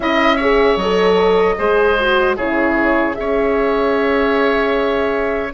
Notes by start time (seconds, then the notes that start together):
0.00 C#4 E4 D#5 E5
0.36 G#4 C#5
0.76 F#3 A4 D#5
1.57 G#3 G#4 C5
1.99 F#4
2.36 C#3 E4 G#4 C#5
3.13 C#4 G#4 C#5 E5